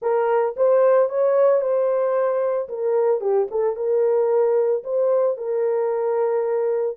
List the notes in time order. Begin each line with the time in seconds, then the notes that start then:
0.02 A#4
0.56 C5
1.09 C#5
1.61 C5
2.68 A#4
3.20 G4
3.50 A4
3.75 A#4
4.83 C5
5.37 A#4